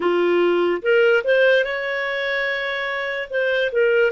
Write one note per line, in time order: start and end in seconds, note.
0.00 0.81 F4
0.81 1.23 A#4
1.24 1.64 C5
1.64 3.28 C#5
3.30 3.71 C5
3.72 4.11 A#4